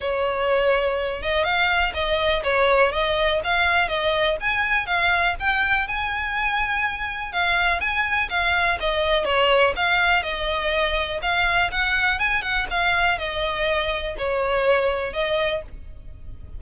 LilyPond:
\new Staff \with { instrumentName = "violin" } { \time 4/4 \tempo 4 = 123 cis''2~ cis''8 dis''8 f''4 | dis''4 cis''4 dis''4 f''4 | dis''4 gis''4 f''4 g''4 | gis''2. f''4 |
gis''4 f''4 dis''4 cis''4 | f''4 dis''2 f''4 | fis''4 gis''8 fis''8 f''4 dis''4~ | dis''4 cis''2 dis''4 | }